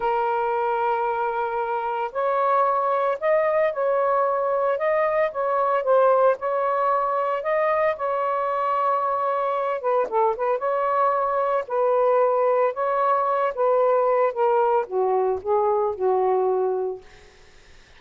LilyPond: \new Staff \with { instrumentName = "saxophone" } { \time 4/4 \tempo 4 = 113 ais'1 | cis''2 dis''4 cis''4~ | cis''4 dis''4 cis''4 c''4 | cis''2 dis''4 cis''4~ |
cis''2~ cis''8 b'8 a'8 b'8 | cis''2 b'2 | cis''4. b'4. ais'4 | fis'4 gis'4 fis'2 | }